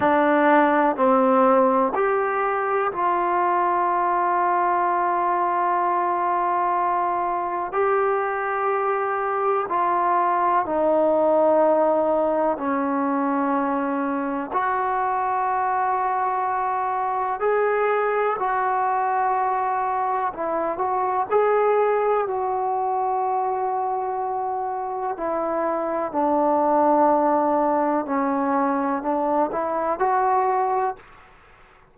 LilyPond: \new Staff \with { instrumentName = "trombone" } { \time 4/4 \tempo 4 = 62 d'4 c'4 g'4 f'4~ | f'1 | g'2 f'4 dis'4~ | dis'4 cis'2 fis'4~ |
fis'2 gis'4 fis'4~ | fis'4 e'8 fis'8 gis'4 fis'4~ | fis'2 e'4 d'4~ | d'4 cis'4 d'8 e'8 fis'4 | }